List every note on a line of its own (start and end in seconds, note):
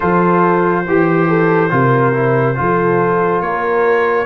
0.00 0.87 F3
0.00 0.84 F4
0.00 0.85 A4
0.00 3.41 C5
0.87 1.72 E3
0.87 1.28 G4
0.87 1.70 G4
1.28 1.71 A4
1.70 2.57 C3
1.70 2.12 F4
1.70 2.58 A#4
2.13 2.55 E4
2.55 3.41 F3
2.55 4.26 F4
2.55 3.45 A4
3.41 4.26 A#3
3.41 4.26 A#4
3.41 4.26 C#5